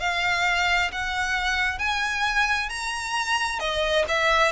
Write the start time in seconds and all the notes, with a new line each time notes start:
0.00 F5
0.92 F#5
1.79 G#5
2.69 A#5
3.60 D#5
4.08 E5